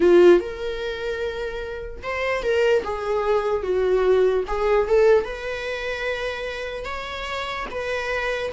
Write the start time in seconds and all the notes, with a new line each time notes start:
0.00 F4
0.40 A#4
2.02 C5
2.42 A#4
2.84 G#4
3.62 F#4
4.47 G#4
4.87 A4
5.24 B4
6.84 C#5
7.70 B4